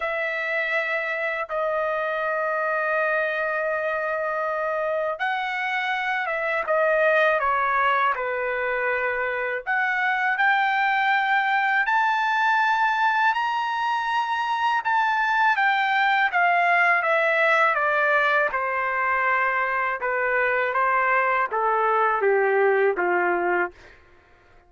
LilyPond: \new Staff \with { instrumentName = "trumpet" } { \time 4/4 \tempo 4 = 81 e''2 dis''2~ | dis''2. fis''4~ | fis''8 e''8 dis''4 cis''4 b'4~ | b'4 fis''4 g''2 |
a''2 ais''2 | a''4 g''4 f''4 e''4 | d''4 c''2 b'4 | c''4 a'4 g'4 f'4 | }